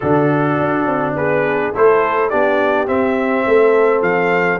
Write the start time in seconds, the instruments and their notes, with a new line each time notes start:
0.00 tuba D3, trombone D4, horn F#4, trumpet A4
0.60 tuba D4
0.86 tuba C4
1.15 tuba B3, horn G#4, trumpet B4
1.73 tuba A3, trombone E4, horn A4, trumpet C5
2.29 tuba B3, trombone D4, horn G4, trumpet D5
2.86 trombone C4, tuba C4, trumpet E5
3.46 tuba A3, horn A4
4.01 tuba F3, trumpet F5